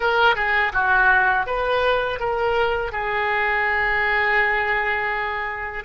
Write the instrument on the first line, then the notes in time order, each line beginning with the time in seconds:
oboe
0.00 A#4
0.35 G#4
0.73 F#4
1.46 B4
2.19 A#4
2.91 G#4